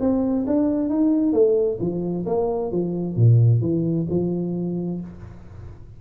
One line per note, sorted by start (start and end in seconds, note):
0.00 0.45 C4
0.46 0.89 D4
0.89 1.32 D#4
1.32 1.78 A3
1.80 2.25 F3
2.26 2.71 A#3
2.71 3.16 F3
3.16 3.61 A#2
3.61 4.07 E3
4.10 5.01 F3